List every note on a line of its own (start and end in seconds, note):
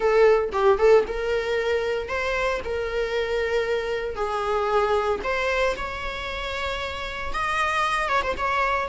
0.00 0.50 A4
0.52 0.78 G4
0.78 1.04 A4
1.07 2.08 A#4
2.08 2.60 C5
2.64 4.15 A#4
4.15 5.20 G#4
5.23 5.75 C5
5.76 7.32 C#5
7.33 8.09 D#5
8.09 8.22 C#5
8.22 8.35 C5
8.37 8.88 C#5